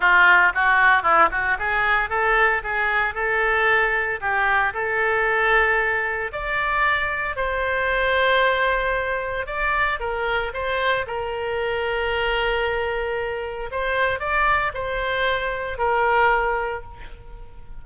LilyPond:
\new Staff \with { instrumentName = "oboe" } { \time 4/4 \tempo 4 = 114 f'4 fis'4 e'8 fis'8 gis'4 | a'4 gis'4 a'2 | g'4 a'2. | d''2 c''2~ |
c''2 d''4 ais'4 | c''4 ais'2.~ | ais'2 c''4 d''4 | c''2 ais'2 | }